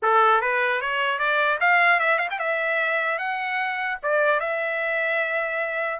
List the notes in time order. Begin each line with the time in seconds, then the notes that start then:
0.02 A4
0.41 B4
0.81 C#5
1.19 D5
1.60 F5
1.99 E5
2.18 F5
2.30 G5
2.39 E5
3.18 F#5
4.02 D5
4.40 E5